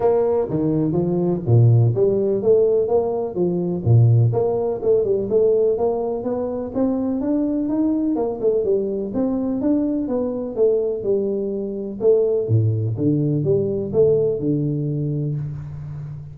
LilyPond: \new Staff \with { instrumentName = "tuba" } { \time 4/4 \tempo 4 = 125 ais4 dis4 f4 ais,4 | g4 a4 ais4 f4 | ais,4 ais4 a8 g8 a4 | ais4 b4 c'4 d'4 |
dis'4 ais8 a8 g4 c'4 | d'4 b4 a4 g4~ | g4 a4 a,4 d4 | g4 a4 d2 | }